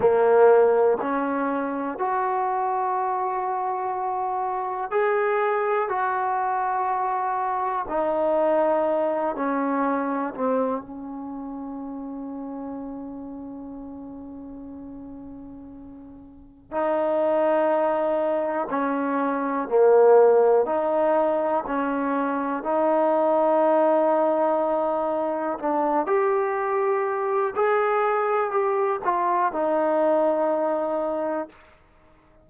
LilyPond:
\new Staff \with { instrumentName = "trombone" } { \time 4/4 \tempo 4 = 61 ais4 cis'4 fis'2~ | fis'4 gis'4 fis'2 | dis'4. cis'4 c'8 cis'4~ | cis'1~ |
cis'4 dis'2 cis'4 | ais4 dis'4 cis'4 dis'4~ | dis'2 d'8 g'4. | gis'4 g'8 f'8 dis'2 | }